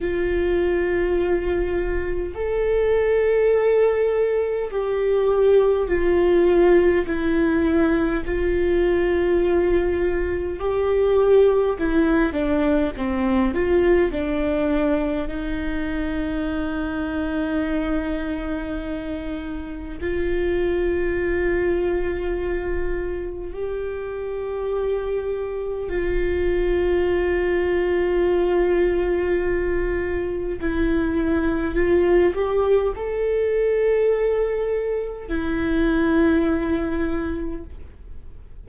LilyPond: \new Staff \with { instrumentName = "viola" } { \time 4/4 \tempo 4 = 51 f'2 a'2 | g'4 f'4 e'4 f'4~ | f'4 g'4 e'8 d'8 c'8 f'8 | d'4 dis'2.~ |
dis'4 f'2. | g'2 f'2~ | f'2 e'4 f'8 g'8 | a'2 e'2 | }